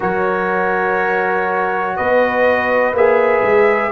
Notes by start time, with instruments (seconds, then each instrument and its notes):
0.00 tuba F#3, trombone F#4, horn A#4, trumpet C#5
1.96 tuba B3, horn B4, trumpet D#5
2.92 tuba A#3, trombone G#4, trumpet E5
3.42 tuba G#3